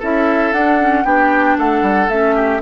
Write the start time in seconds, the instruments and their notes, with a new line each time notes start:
0.00 bassoon C#4, clarinet E4, oboe A4, flute E5
0.53 bassoon D4, clarinet D4, flute F#5
0.81 clarinet C#4
1.05 bassoon B3, clarinet D4, oboe G4, flute G5
1.58 bassoon A3, oboe A4, flute F#5
1.82 bassoon G3
2.09 bassoon A3, clarinet C#4, flute E5
2.36 oboe G4